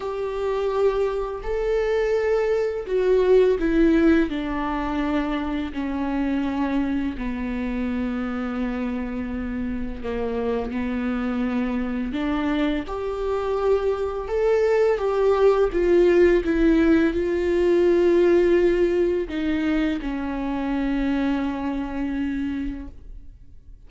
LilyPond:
\new Staff \with { instrumentName = "viola" } { \time 4/4 \tempo 4 = 84 g'2 a'2 | fis'4 e'4 d'2 | cis'2 b2~ | b2 ais4 b4~ |
b4 d'4 g'2 | a'4 g'4 f'4 e'4 | f'2. dis'4 | cis'1 | }